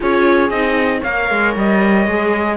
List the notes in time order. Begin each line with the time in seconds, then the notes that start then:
0.00 C#4 F4 G#4 C#5
0.50 C4 D#4 D#5
1.00 A#3 A#4 C#5 F5
1.30 G#3
1.56 G3 D#5
2.06 G#3 G#4